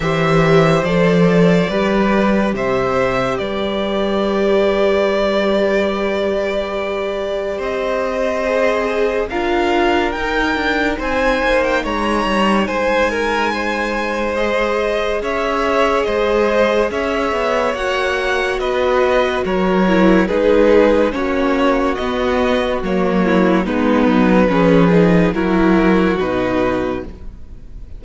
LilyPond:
<<
  \new Staff \with { instrumentName = "violin" } { \time 4/4 \tempo 4 = 71 e''4 d''2 e''4 | d''1~ | d''4 dis''2 f''4 | g''4 gis''8. g''16 ais''4 gis''4~ |
gis''4 dis''4 e''4 dis''4 | e''4 fis''4 dis''4 cis''4 | b'4 cis''4 dis''4 cis''4 | b'2 ais'4 b'4 | }
  \new Staff \with { instrumentName = "violin" } { \time 4/4 c''2 b'4 c''4 | b'1~ | b'4 c''2 ais'4~ | ais'4 c''4 cis''4 c''8 ais'8 |
c''2 cis''4 c''4 | cis''2 b'4 ais'4 | gis'4 fis'2~ fis'8 e'8 | dis'4 gis'4 fis'2 | }
  \new Staff \with { instrumentName = "viola" } { \time 4/4 g'4 a'4 g'2~ | g'1~ | g'2 gis'4 f'4 | dis'1~ |
dis'4 gis'2.~ | gis'4 fis'2~ fis'8 e'8 | dis'4 cis'4 b4 ais4 | b4 cis'8 dis'8 e'4 dis'4 | }
  \new Staff \with { instrumentName = "cello" } { \time 4/4 e4 f4 g4 c4 | g1~ | g4 c'2 d'4 | dis'8 d'8 c'8 ais8 gis8 g8 gis4~ |
gis2 cis'4 gis4 | cis'8 b8 ais4 b4 fis4 | gis4 ais4 b4 fis4 | gis8 fis8 f4 fis4 b,4 | }
>>